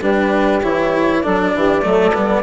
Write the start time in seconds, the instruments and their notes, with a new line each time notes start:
0.00 bassoon G3, cello D4, saxophone G4, flute B4
0.63 bassoon E3, cello E4, flute C#5
1.22 bassoon F#3, cello D4, saxophone A4, flute D5
1.55 bassoon E3, saxophone G4
1.82 bassoon F#3, cello A3, saxophone A4
2.14 bassoon G3, cello B3